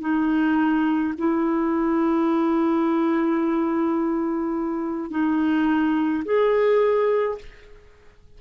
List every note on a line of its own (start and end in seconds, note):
0.00 1.13 D#4
1.18 5.10 E4
5.10 6.23 D#4
6.25 7.38 G#4